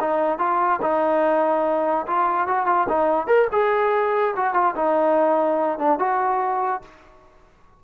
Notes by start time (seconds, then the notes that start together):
0.00 D#4
0.38 F4
0.82 D#4
2.06 F4
2.47 F#4
2.66 F4
2.88 D#4
3.27 A#4
3.52 G#4
4.36 F#4
4.54 F4
4.75 D#4
5.78 D4
5.98 F#4